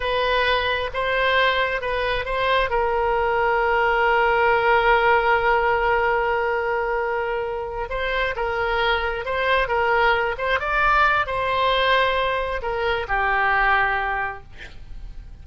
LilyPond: \new Staff \with { instrumentName = "oboe" } { \time 4/4 \tempo 4 = 133 b'2 c''2 | b'4 c''4 ais'2~ | ais'1~ | ais'1~ |
ais'4. c''4 ais'4.~ | ais'8 c''4 ais'4. c''8 d''8~ | d''4 c''2. | ais'4 g'2. | }